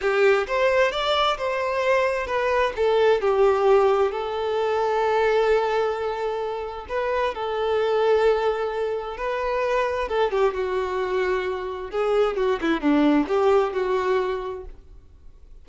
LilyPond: \new Staff \with { instrumentName = "violin" } { \time 4/4 \tempo 4 = 131 g'4 c''4 d''4 c''4~ | c''4 b'4 a'4 g'4~ | g'4 a'2.~ | a'2. b'4 |
a'1 | b'2 a'8 g'8 fis'4~ | fis'2 gis'4 fis'8 e'8 | d'4 g'4 fis'2 | }